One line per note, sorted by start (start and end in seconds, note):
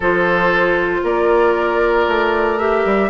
0.00 1.02 F3
0.00 2.59 F4
0.00 1.01 A4
0.00 1.05 C5
1.03 2.06 A#3
1.03 3.09 A#4
1.03 2.58 D5
2.07 2.85 A3
2.58 3.09 G4
2.58 3.09 E5
2.85 3.09 G3